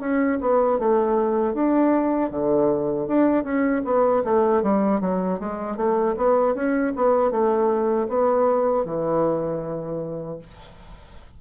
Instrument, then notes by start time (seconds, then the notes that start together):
bassoon
0.00 C#4
0.41 B3
0.79 A3
1.54 D4
2.30 D3
3.07 D4
3.44 C#4
3.85 B3
4.24 A3
4.62 G3
5.01 F#3
5.39 G#3
5.77 A3
6.16 B3
6.54 C#4
6.96 B3
7.31 A3
8.08 B3
8.85 E3